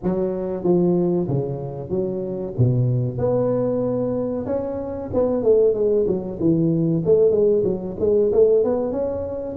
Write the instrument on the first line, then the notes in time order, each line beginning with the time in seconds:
tuba
0.03 F#3
0.63 F3
1.28 C#3
1.89 F#3
2.57 B2
3.17 B3
4.46 C#4
5.13 B3
5.43 A3
5.74 G#3
6.07 F#3
6.39 E3
7.05 A3
7.31 G#3
7.64 F#3
7.99 G#3
8.32 A3
8.64 B3
8.92 C#4